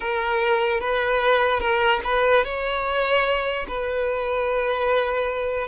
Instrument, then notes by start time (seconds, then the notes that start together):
violin
0.00 A#4
0.80 B4
1.60 A#4
2.04 B4
2.44 C#5
3.67 B4